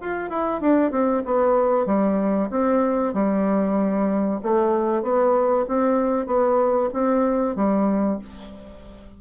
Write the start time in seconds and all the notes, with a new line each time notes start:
0.00 F4
0.30 E4
0.61 D4
0.91 C4
1.25 B3
1.86 G3
2.50 C4
3.13 G3
4.42 A3
5.02 B3
5.68 C4
6.26 B3
6.93 C4
7.56 G3